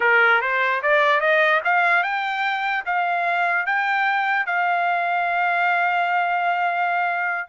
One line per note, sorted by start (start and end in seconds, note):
0.00 0.41 A#4
0.41 0.81 C5
0.82 1.20 D5
1.20 1.61 D#5
1.64 2.03 F5
2.03 2.84 G5
2.85 3.66 F5
3.66 4.46 G5
4.46 7.48 F5